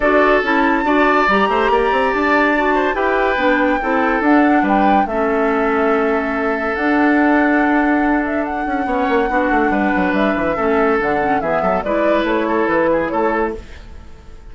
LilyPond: <<
  \new Staff \with { instrumentName = "flute" } { \time 4/4 \tempo 4 = 142 d''4 a''2 ais''4~ | ais''4 a''2 g''4~ | g''2 fis''4 g''4 | e''1 |
fis''2.~ fis''8 e''8 | fis''1 | e''2 fis''4 e''4 | d''4 cis''4 b'4 cis''4 | }
  \new Staff \with { instrumentName = "oboe" } { \time 4/4 a'2 d''4. c''8 | d''2~ d''8 c''8 b'4~ | b'4 a'2 b'4 | a'1~ |
a'1~ | a'4 cis''4 fis'4 b'4~ | b'4 a'2 gis'8 a'8 | b'4. a'4 gis'8 a'4 | }
  \new Staff \with { instrumentName = "clarinet" } { \time 4/4 fis'4 e'4 fis'4 g'4~ | g'2 fis'4 g'4 | d'4 e'4 d'2 | cis'1 |
d'1~ | d'4 cis'4 d'2~ | d'4 cis'4 d'8 cis'8 b4 | e'1 | }
  \new Staff \with { instrumentName = "bassoon" } { \time 4/4 d'4 cis'4 d'4 g8 a8 | ais8 c'8 d'2 e'4 | b4 c'4 d'4 g4 | a1 |
d'1~ | d'8 cis'8 b8 ais8 b8 a8 g8 fis8 | g8 e8 a4 d4 e8 fis8 | gis4 a4 e4 a4 | }
>>